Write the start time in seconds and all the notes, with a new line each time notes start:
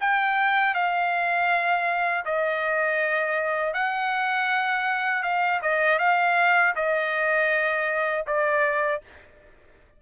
0.00 G5
0.74 F5
2.25 D#5
3.73 F#5
5.22 F5
5.62 D#5
5.98 F5
6.75 D#5
8.26 D5